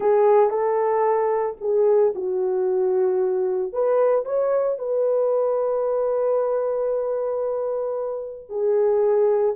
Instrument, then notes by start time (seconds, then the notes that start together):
horn
0.00 G#4
0.49 A4
1.60 G#4
2.15 F#4
3.72 B4
4.25 C#5
4.78 B4
8.49 G#4